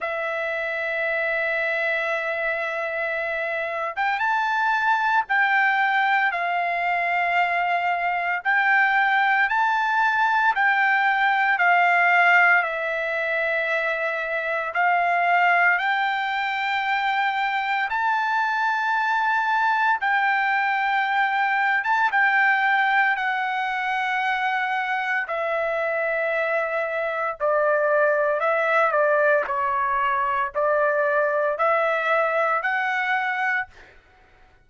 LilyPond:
\new Staff \with { instrumentName = "trumpet" } { \time 4/4 \tempo 4 = 57 e''2.~ e''8. g''16 | a''4 g''4 f''2 | g''4 a''4 g''4 f''4 | e''2 f''4 g''4~ |
g''4 a''2 g''4~ | g''8. a''16 g''4 fis''2 | e''2 d''4 e''8 d''8 | cis''4 d''4 e''4 fis''4 | }